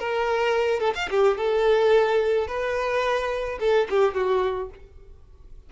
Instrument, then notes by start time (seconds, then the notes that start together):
violin
0.00 A#4
0.80 A4
0.95 F5
1.11 G4
1.38 A4
2.48 B4
3.60 A4
3.90 G4
4.15 F#4